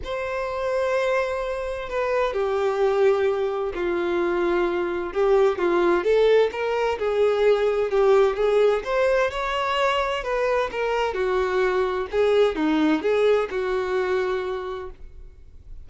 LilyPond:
\new Staff \with { instrumentName = "violin" } { \time 4/4 \tempo 4 = 129 c''1 | b'4 g'2. | f'2. g'4 | f'4 a'4 ais'4 gis'4~ |
gis'4 g'4 gis'4 c''4 | cis''2 b'4 ais'4 | fis'2 gis'4 dis'4 | gis'4 fis'2. | }